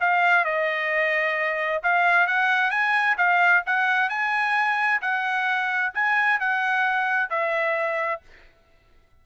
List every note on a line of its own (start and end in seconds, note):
0.00 0.45 F5
0.45 1.82 D#5
1.83 2.27 F5
2.27 2.70 F#5
2.70 3.16 G#5
3.17 3.63 F5
3.66 4.10 F#5
4.10 5.01 G#5
5.02 5.93 F#5
5.94 6.40 G#5
6.40 7.29 F#5
7.29 8.21 E5